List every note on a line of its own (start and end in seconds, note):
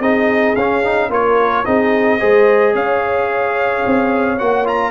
0.00 0.55 C4
0.00 0.57 D#4
0.00 1.09 G#4
0.00 0.56 D#5
0.56 1.10 C#4
0.56 0.85 C#4
0.56 1.11 F5
0.85 1.11 D#4
1.10 1.64 A#3
1.10 1.65 F4
1.10 1.66 A#4
1.10 1.66 C#5
1.66 2.22 C4
1.66 2.20 D#4
1.66 2.20 G#4
1.66 2.75 D#5
2.20 2.75 G#3
2.20 4.38 G#4
2.20 2.74 C5
2.74 3.84 C#4
2.74 4.92 C#5
2.74 4.39 F5
3.87 4.41 C4
4.39 4.92 A#3
4.39 4.65 F#4
4.39 4.67 F#5
4.65 4.92 F4
4.65 4.92 A#5